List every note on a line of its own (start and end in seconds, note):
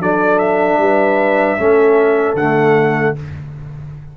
0.00 0.78 F#3
0.00 1.58 D4
0.00 0.80 A4
0.00 0.39 D5
0.39 2.36 E5
0.78 1.57 G3
0.78 1.60 B4
1.58 2.35 A3
1.58 2.37 C#4
1.58 3.17 A4
2.35 3.14 D3
2.35 3.16 A3
2.35 3.16 F#5